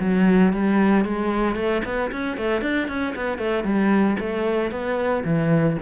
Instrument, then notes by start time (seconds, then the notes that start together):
cello
0.00 F#3
0.53 G3
1.05 G#3
1.56 A3
1.85 B3
2.11 C#4
2.37 A3
2.62 D4
2.88 C#4
3.16 B3
3.38 A3
3.64 G3
4.20 A3
4.71 B3
5.25 E3